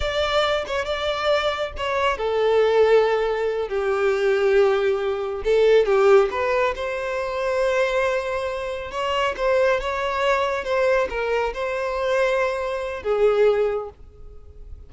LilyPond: \new Staff \with { instrumentName = "violin" } { \time 4/4 \tempo 4 = 138 d''4. cis''8 d''2 | cis''4 a'2.~ | a'8 g'2.~ g'8~ | g'8 a'4 g'4 b'4 c''8~ |
c''1~ | c''8 cis''4 c''4 cis''4.~ | cis''8 c''4 ais'4 c''4.~ | c''2 gis'2 | }